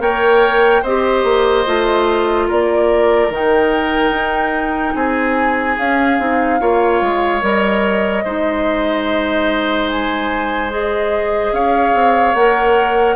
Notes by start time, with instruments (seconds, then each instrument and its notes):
0.00 bassoon A#3, clarinet A#4, oboe C#5, flute G5
0.82 bassoon C4, clarinet G4, oboe C5, flute D#5
1.24 bassoon A#3
1.66 bassoon A3, clarinet F4
2.47 bassoon A#3, oboe A#4, flute D5
3.30 bassoon D#3, clarinet D#4, flute G5
4.11 bassoon D#4
4.95 bassoon C4, oboe G#4, flute G#5
5.78 bassoon C#4, clarinet C#4, flute F5
6.19 bassoon C4, clarinet D#4
6.60 bassoon A#3, clarinet F4, oboe C#5
7.02 bassoon G#3
7.41 bassoon G3, clarinet A#4, flute D#5
8.24 bassoon G#3, clarinet D#4, oboe C5
9.89 flute G#5
10.70 clarinet G#4, flute D#5
11.52 bassoon C#4, oboe C#5, flute F5
11.94 bassoon C4
12.34 bassoon A#3, clarinet A#4, flute F#5